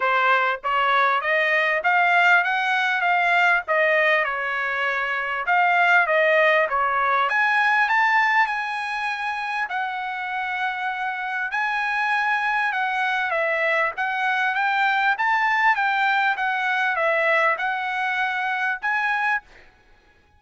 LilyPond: \new Staff \with { instrumentName = "trumpet" } { \time 4/4 \tempo 4 = 99 c''4 cis''4 dis''4 f''4 | fis''4 f''4 dis''4 cis''4~ | cis''4 f''4 dis''4 cis''4 | gis''4 a''4 gis''2 |
fis''2. gis''4~ | gis''4 fis''4 e''4 fis''4 | g''4 a''4 g''4 fis''4 | e''4 fis''2 gis''4 | }